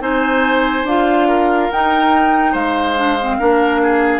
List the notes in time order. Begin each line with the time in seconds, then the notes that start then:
0.00 C4 D#4 C5 G#5
0.84 D4 F4 F5
1.28 A#4
1.71 D#4 G5
2.52 G#3 C5 F5
2.97 D4
3.21 C4
3.39 A#3 D4 A#4
3.83 G#4